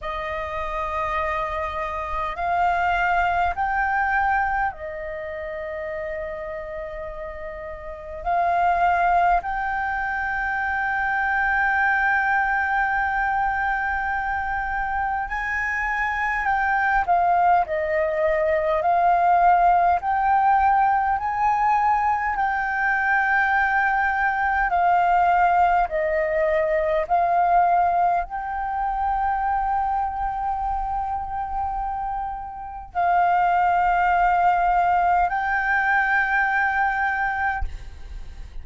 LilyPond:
\new Staff \with { instrumentName = "flute" } { \time 4/4 \tempo 4 = 51 dis''2 f''4 g''4 | dis''2. f''4 | g''1~ | g''4 gis''4 g''8 f''8 dis''4 |
f''4 g''4 gis''4 g''4~ | g''4 f''4 dis''4 f''4 | g''1 | f''2 g''2 | }